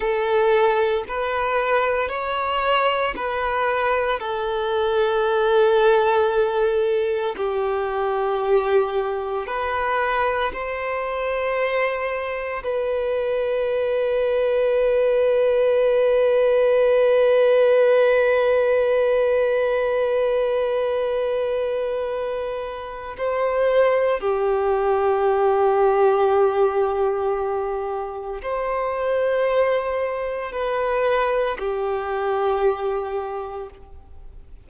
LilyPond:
\new Staff \with { instrumentName = "violin" } { \time 4/4 \tempo 4 = 57 a'4 b'4 cis''4 b'4 | a'2. g'4~ | g'4 b'4 c''2 | b'1~ |
b'1~ | b'2 c''4 g'4~ | g'2. c''4~ | c''4 b'4 g'2 | }